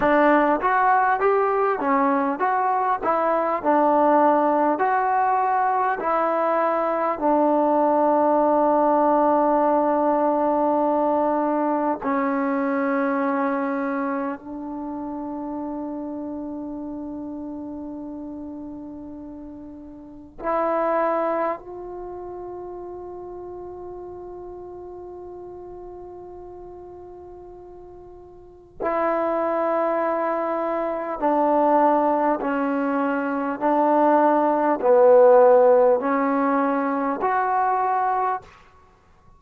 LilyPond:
\new Staff \with { instrumentName = "trombone" } { \time 4/4 \tempo 4 = 50 d'8 fis'8 g'8 cis'8 fis'8 e'8 d'4 | fis'4 e'4 d'2~ | d'2 cis'2 | d'1~ |
d'4 e'4 f'2~ | f'1 | e'2 d'4 cis'4 | d'4 b4 cis'4 fis'4 | }